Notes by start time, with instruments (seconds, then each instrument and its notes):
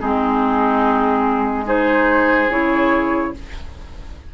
0.00 bassoon G#3, clarinet C4, oboe D#4, flute G#4
1.66 clarinet D#4, oboe G#4, flute C5
2.49 bassoon C#3, clarinet E4, flute C#5